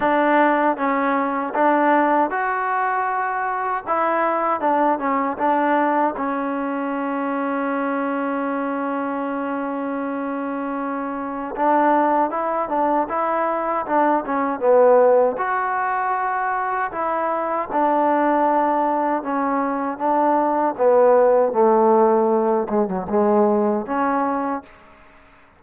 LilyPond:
\new Staff \with { instrumentName = "trombone" } { \time 4/4 \tempo 4 = 78 d'4 cis'4 d'4 fis'4~ | fis'4 e'4 d'8 cis'8 d'4 | cis'1~ | cis'2. d'4 |
e'8 d'8 e'4 d'8 cis'8 b4 | fis'2 e'4 d'4~ | d'4 cis'4 d'4 b4 | a4. gis16 fis16 gis4 cis'4 | }